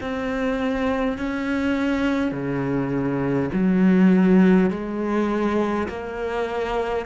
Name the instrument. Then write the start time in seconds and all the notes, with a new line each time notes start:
cello
0.00 C4
1.18 C#4
2.32 C#3
3.53 F#3
4.70 G#3
5.88 A#3